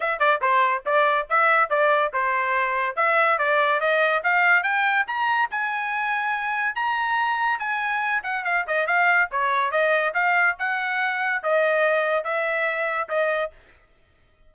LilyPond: \new Staff \with { instrumentName = "trumpet" } { \time 4/4 \tempo 4 = 142 e''8 d''8 c''4 d''4 e''4 | d''4 c''2 e''4 | d''4 dis''4 f''4 g''4 | ais''4 gis''2. |
ais''2 gis''4. fis''8 | f''8 dis''8 f''4 cis''4 dis''4 | f''4 fis''2 dis''4~ | dis''4 e''2 dis''4 | }